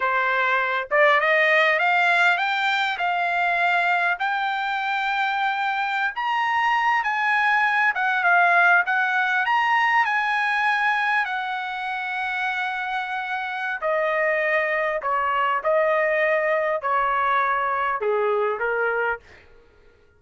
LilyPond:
\new Staff \with { instrumentName = "trumpet" } { \time 4/4 \tempo 4 = 100 c''4. d''8 dis''4 f''4 | g''4 f''2 g''4~ | g''2~ g''16 ais''4. gis''16~ | gis''4~ gis''16 fis''8 f''4 fis''4 ais''16~ |
ais''8. gis''2 fis''4~ fis''16~ | fis''2. dis''4~ | dis''4 cis''4 dis''2 | cis''2 gis'4 ais'4 | }